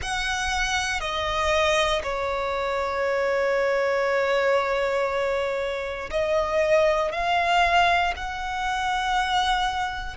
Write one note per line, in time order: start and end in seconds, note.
0.02 1.00 F#5
1.00 2.02 D#5
2.03 6.10 C#5
6.10 7.12 D#5
7.12 8.14 F5
8.16 10.16 F#5